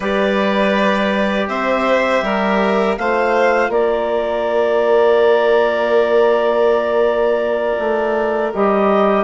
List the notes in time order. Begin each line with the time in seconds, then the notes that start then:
0.00 G3 G4 B4 D5
1.48 C4 C5 E5
2.22 G3 A#4
2.97 A3 F4 C5 F5
3.69 A#3 A#4 D5
7.78 A3
8.53 G3 G4 D#5